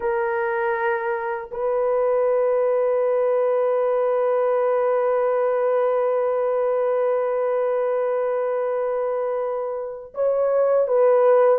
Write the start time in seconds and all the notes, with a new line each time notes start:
0.00 A#4
1.51 B4
10.14 C#5
10.87 B4